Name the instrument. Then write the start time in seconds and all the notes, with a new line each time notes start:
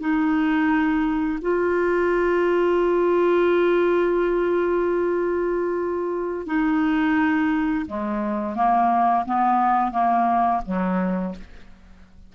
clarinet
0.00 D#4
1.42 F4
6.46 D#4
7.87 G#3
8.56 A#3
9.26 B3
9.92 A#3
10.66 F#3